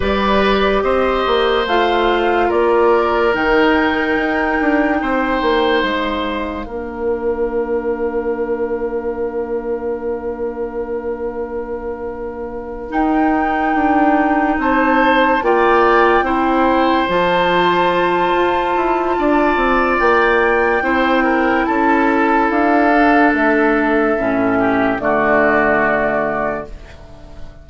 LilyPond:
<<
  \new Staff \with { instrumentName = "flute" } { \time 4/4 \tempo 4 = 72 d''4 dis''4 f''4 d''4 | g''2. f''4~ | f''1~ | f''2.~ f''8 g''8~ |
g''4. a''4 g''4.~ | g''8 a''2.~ a''8 | g''2 a''4 f''4 | e''2 d''2 | }
  \new Staff \with { instrumentName = "oboe" } { \time 4/4 b'4 c''2 ais'4~ | ais'2 c''2 | ais'1~ | ais'1~ |
ais'4. c''4 d''4 c''8~ | c''2. d''4~ | d''4 c''8 ais'8 a'2~ | a'4. g'8 fis'2 | }
  \new Staff \with { instrumentName = "clarinet" } { \time 4/4 g'2 f'2 | dis'1 | d'1~ | d'2.~ d'8 dis'8~ |
dis'2~ dis'8 f'4 e'8~ | e'8 f'2.~ f'8~ | f'4 e'2~ e'8 d'8~ | d'4 cis'4 a2 | }
  \new Staff \with { instrumentName = "bassoon" } { \time 4/4 g4 c'8 ais8 a4 ais4 | dis4 dis'8 d'8 c'8 ais8 gis4 | ais1~ | ais2.~ ais8 dis'8~ |
dis'8 d'4 c'4 ais4 c'8~ | c'8 f4. f'8 e'8 d'8 c'8 | ais4 c'4 cis'4 d'4 | a4 a,4 d2 | }
>>